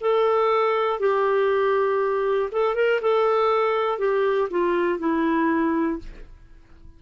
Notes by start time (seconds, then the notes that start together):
0.00 A4
0.99 G4
2.52 A4
2.75 A#4
3.01 A4
3.99 G4
4.50 F4
4.99 E4